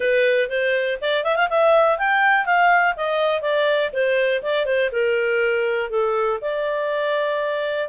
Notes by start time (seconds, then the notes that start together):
0.00 B4
0.49 C5
1.01 D5
1.24 E5
1.36 F5
1.49 E5
1.98 G5
2.45 F5
2.96 D#5
3.41 D5
3.92 C5
4.42 D5
4.65 C5
4.92 A#4
5.89 A4
6.41 D5